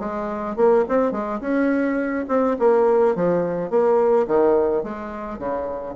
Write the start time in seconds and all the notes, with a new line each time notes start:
0.00 G#3
0.57 A#3
0.89 C4
1.12 G#3
1.41 C#4
2.29 C4
2.59 A#3
3.16 F3
3.70 A#3
4.28 D#3
4.84 G#3
5.39 C#3